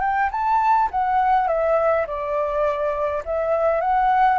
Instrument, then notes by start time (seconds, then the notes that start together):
flute
0.00 G5
0.31 A5
0.91 F#5
1.47 E5
2.06 D5
3.25 E5
3.80 F#5